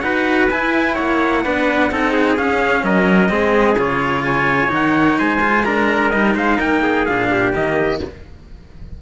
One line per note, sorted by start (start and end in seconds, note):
0.00 0.49 D#4
0.00 0.50 F#4
0.00 0.94 B4
0.00 0.47 F#5
0.50 1.44 E4
0.50 0.98 E4
0.50 0.95 G#5
0.94 1.45 A#3
0.94 1.41 C#5
0.94 2.36 F#5
1.44 1.92 B3
1.44 1.91 D4
1.44 1.91 B4
1.91 2.39 C4
1.91 2.37 D#4
1.91 2.12 A4
2.12 2.83 G#4
2.37 3.29 C#4
2.37 2.84 C#4
2.37 2.84 F5
2.84 3.30 F#3
2.84 3.32 A#4
2.84 3.78 D#5
3.29 3.76 G#3
3.29 3.76 C4
3.29 4.25 G#4
3.76 4.70 C#3
3.76 4.68 F4
3.76 4.24 C#5
4.24 5.19 C#5
4.24 4.71 G#5
4.68 5.18 D#3
4.68 5.38 D#4
4.68 5.19 F#5
5.19 6.13 G#3
5.19 5.65 C5
5.19 5.65 G#5
5.41 5.64 F4
5.65 6.12 D4
5.65 6.35 A#4
5.65 6.10 A#5
6.10 6.35 G3
6.10 7.07 D#4
6.10 6.34 D#5
6.35 6.58 G#3
6.35 6.57 C5
6.35 6.60 F5
6.57 7.08 A#3
6.57 6.80 A#4
6.57 7.05 G5
6.83 7.30 G#4
7.05 7.53 A#2
7.05 7.53 D4
7.05 7.52 F5
7.31 8.01 G4
7.53 8.00 D#3
7.53 8.00 A#3
7.53 8.02 D#5